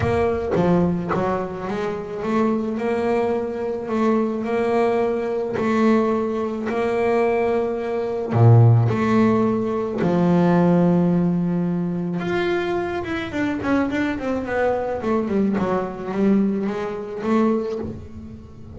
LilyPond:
\new Staff \with { instrumentName = "double bass" } { \time 4/4 \tempo 4 = 108 ais4 f4 fis4 gis4 | a4 ais2 a4 | ais2 a2 | ais2. ais,4 |
a2 f2~ | f2 f'4. e'8 | d'8 cis'8 d'8 c'8 b4 a8 g8 | fis4 g4 gis4 a4 | }